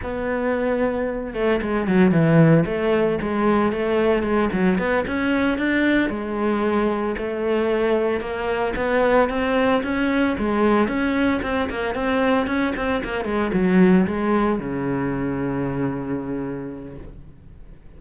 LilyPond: \new Staff \with { instrumentName = "cello" } { \time 4/4 \tempo 4 = 113 b2~ b8 a8 gis8 fis8 | e4 a4 gis4 a4 | gis8 fis8 b8 cis'4 d'4 gis8~ | gis4. a2 ais8~ |
ais8 b4 c'4 cis'4 gis8~ | gis8 cis'4 c'8 ais8 c'4 cis'8 | c'8 ais8 gis8 fis4 gis4 cis8~ | cis1 | }